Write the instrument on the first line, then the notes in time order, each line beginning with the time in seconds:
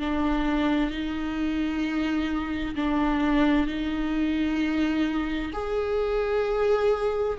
viola
0.00 D4
0.91 D#4
2.76 D4
3.67 D#4
5.53 G#4